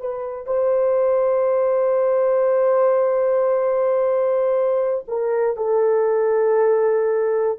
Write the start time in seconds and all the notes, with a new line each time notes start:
0.00 B4
0.46 C5
5.08 A#4
5.57 A4